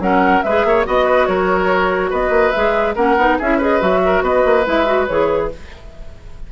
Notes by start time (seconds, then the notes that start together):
0.00 F#3 C#4 A#4 F#5
0.43 G#3 G#4 B4 E5
0.65 A#3 C#5
0.86 B3 F#4 D#5
1.06 B4
1.27 F#3 A#4 C#5
2.11 B3 B4 D#5
2.30 A#3
2.52 G#3 G#4 E5
2.96 A#3 C#4 A#4 F#5
3.18 B3 D#4
3.39 C#4 E4 G#4 E5
3.58 G#4 B4 D#5
3.81 F#3 F#4 E5
4.06 A#4
4.22 B3 B4 D#5
4.46 A#3
4.65 G#3 E4 E5
4.86 F#4
5.07 E3 G#4 C#5